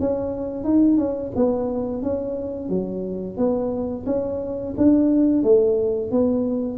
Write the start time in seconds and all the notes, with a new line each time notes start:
0.00 C#4
0.64 D#4
0.97 C#4
1.35 B3
2.02 C#4
2.69 F#3
3.37 B3
4.06 C#4
4.77 D4
5.43 A3
6.11 B3